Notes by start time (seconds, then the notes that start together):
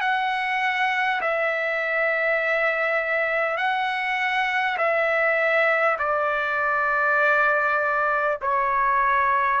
0.00 F#5
1.21 E5
3.57 F#5
4.77 E5
5.98 D5
8.41 C#5